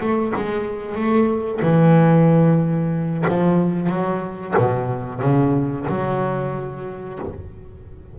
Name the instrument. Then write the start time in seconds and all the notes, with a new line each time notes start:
double bass
0.00 A3
0.35 G#3
0.95 A3
1.62 E3
3.28 F3
3.89 F#3
4.57 B2
5.21 C#3
5.88 F#3